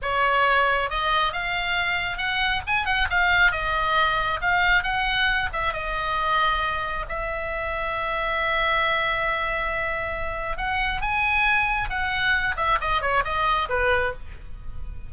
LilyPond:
\new Staff \with { instrumentName = "oboe" } { \time 4/4 \tempo 4 = 136 cis''2 dis''4 f''4~ | f''4 fis''4 gis''8 fis''8 f''4 | dis''2 f''4 fis''4~ | fis''8 e''8 dis''2. |
e''1~ | e''1 | fis''4 gis''2 fis''4~ | fis''8 e''8 dis''8 cis''8 dis''4 b'4 | }